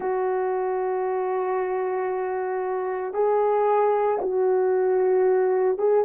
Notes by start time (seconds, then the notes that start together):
0.00 F#4
3.13 G#4
4.21 F#4
5.78 G#4